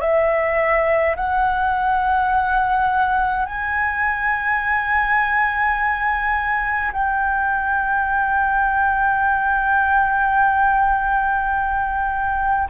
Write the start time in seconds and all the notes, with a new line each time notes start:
0.00 E5
1.15 F#5
3.45 G#5
6.92 G5